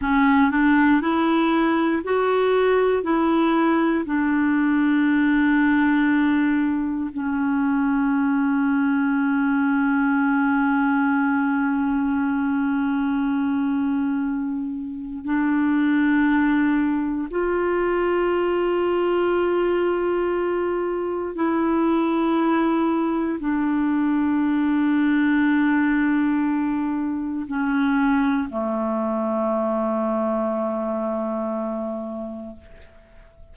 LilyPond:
\new Staff \with { instrumentName = "clarinet" } { \time 4/4 \tempo 4 = 59 cis'8 d'8 e'4 fis'4 e'4 | d'2. cis'4~ | cis'1~ | cis'2. d'4~ |
d'4 f'2.~ | f'4 e'2 d'4~ | d'2. cis'4 | a1 | }